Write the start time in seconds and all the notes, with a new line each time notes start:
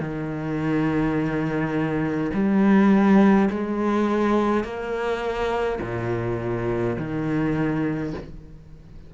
0.00 D#3
2.34 G3
3.50 G#3
4.64 A#3
5.82 A#2
6.99 D#3